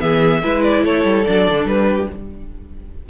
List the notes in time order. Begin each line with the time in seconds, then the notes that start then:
0.00 E3 B3 G#4 E5
0.43 G#3 E4 B4
0.63 D5
0.84 A3 A4 C#5
1.05 G3
1.25 F#3 D4 D5
1.48 D3
1.65 G3 B4
1.89 G4